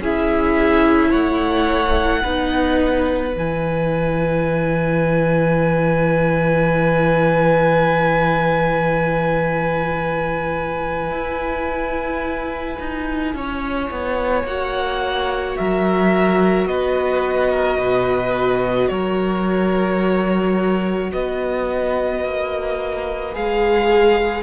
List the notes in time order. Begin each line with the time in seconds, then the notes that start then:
0.00 C#4 E4 G#4 E5
1.09 A3 C#5 F#5
2.23 B3 D#4 B4
3.32 E3 E4 G#5
11.10 E4
12.80 D#4
13.34 C#4 C#5
13.91 B3
14.44 A#3 F#4 F#5
15.56 F#3 A#4 E5
16.66 B3 B4 D#5
17.50 A#4
17.78 B2 B4
18.88 F#3 A#4 C#5
21.11 B3 B4 D#5
22.24 A#3
23.34 G#3 G#4 F5